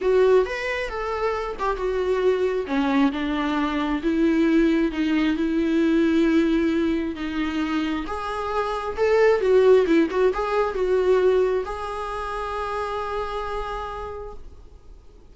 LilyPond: \new Staff \with { instrumentName = "viola" } { \time 4/4 \tempo 4 = 134 fis'4 b'4 a'4. g'8 | fis'2 cis'4 d'4~ | d'4 e'2 dis'4 | e'1 |
dis'2 gis'2 | a'4 fis'4 e'8 fis'8 gis'4 | fis'2 gis'2~ | gis'1 | }